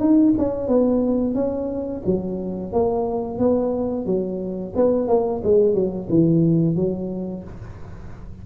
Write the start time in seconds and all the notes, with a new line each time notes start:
0.00 D#4
0.39 C#4
0.68 B3
1.35 C#4
2.06 F#3
2.73 A#3
3.39 B3
4.06 F#3
4.76 B3
5.08 A#3
5.44 G#3
5.75 F#3
6.09 E3
6.76 F#3